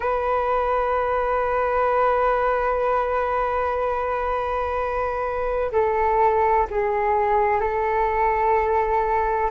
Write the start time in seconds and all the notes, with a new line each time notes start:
0.00 B4
5.71 A4
6.70 G#4
7.60 A4